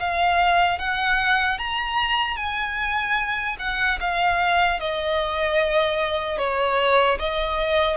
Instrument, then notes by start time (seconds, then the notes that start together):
violin
0.00 F5
0.79 F#5
1.58 A#5
2.37 G#5
3.59 F#5
4.00 F5
4.80 D#5
6.38 C#5
7.19 D#5